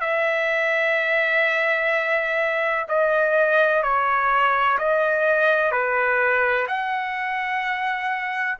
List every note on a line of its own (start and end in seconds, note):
0.00 2.86 E5
2.88 3.82 D#5
3.82 4.77 C#5
4.78 5.71 D#5
5.71 6.67 B4
6.68 8.58 F#5